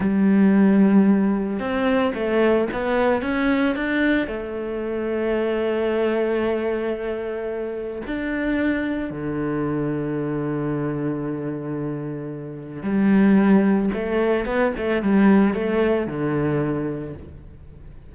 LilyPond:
\new Staff \with { instrumentName = "cello" } { \time 4/4 \tempo 4 = 112 g2. c'4 | a4 b4 cis'4 d'4 | a1~ | a2. d'4~ |
d'4 d2.~ | d1 | g2 a4 b8 a8 | g4 a4 d2 | }